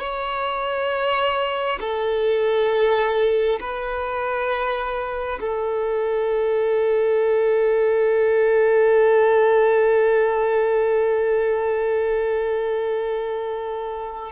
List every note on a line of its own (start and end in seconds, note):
0.00 1.79 C#5
1.81 3.60 A4
3.61 5.40 B4
5.41 14.32 A4